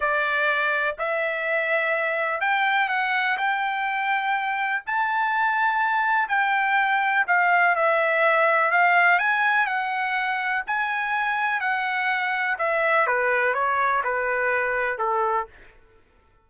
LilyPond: \new Staff \with { instrumentName = "trumpet" } { \time 4/4 \tempo 4 = 124 d''2 e''2~ | e''4 g''4 fis''4 g''4~ | g''2 a''2~ | a''4 g''2 f''4 |
e''2 f''4 gis''4 | fis''2 gis''2 | fis''2 e''4 b'4 | cis''4 b'2 a'4 | }